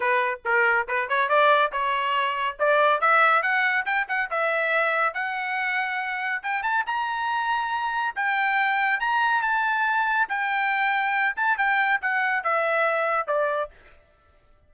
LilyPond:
\new Staff \with { instrumentName = "trumpet" } { \time 4/4 \tempo 4 = 140 b'4 ais'4 b'8 cis''8 d''4 | cis''2 d''4 e''4 | fis''4 g''8 fis''8 e''2 | fis''2. g''8 a''8 |
ais''2. g''4~ | g''4 ais''4 a''2 | g''2~ g''8 a''8 g''4 | fis''4 e''2 d''4 | }